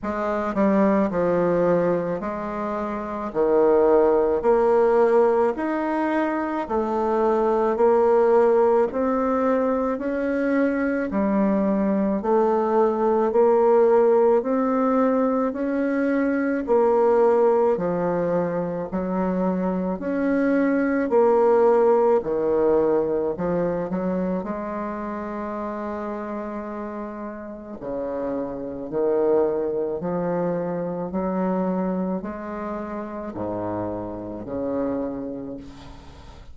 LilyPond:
\new Staff \with { instrumentName = "bassoon" } { \time 4/4 \tempo 4 = 54 gis8 g8 f4 gis4 dis4 | ais4 dis'4 a4 ais4 | c'4 cis'4 g4 a4 | ais4 c'4 cis'4 ais4 |
f4 fis4 cis'4 ais4 | dis4 f8 fis8 gis2~ | gis4 cis4 dis4 f4 | fis4 gis4 gis,4 cis4 | }